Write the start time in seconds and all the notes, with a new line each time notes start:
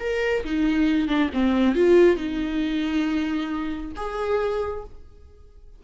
0.00 A#4
0.44 D#4
1.08 D4
1.34 C4
1.75 F4
2.17 D#4
3.96 G#4